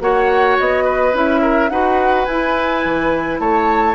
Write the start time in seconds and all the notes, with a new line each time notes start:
0.00 A#3 F#4 C#5 F#5
0.59 B3 D#5
0.84 B4
1.14 C#4 E4 E5
1.42 A#4
1.70 D#4 F#4 B4 F#5
2.25 E4 G#5
2.85 E3
3.40 A3 C#5 A5